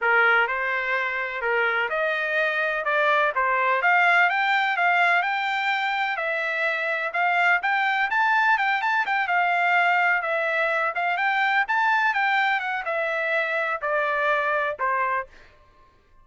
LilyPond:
\new Staff \with { instrumentName = "trumpet" } { \time 4/4 \tempo 4 = 126 ais'4 c''2 ais'4 | dis''2 d''4 c''4 | f''4 g''4 f''4 g''4~ | g''4 e''2 f''4 |
g''4 a''4 g''8 a''8 g''8 f''8~ | f''4. e''4. f''8 g''8~ | g''8 a''4 g''4 fis''8 e''4~ | e''4 d''2 c''4 | }